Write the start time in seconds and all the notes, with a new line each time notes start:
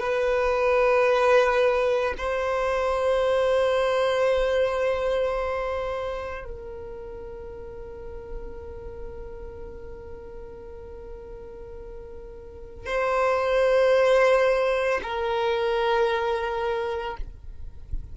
0.00 B4
2.18 C5
6.44 A#4
12.86 C5
15.03 A#4